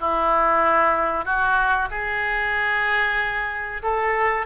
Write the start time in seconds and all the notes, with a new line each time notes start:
0.00 E4
1.25 F#4
1.91 G#4
3.83 A4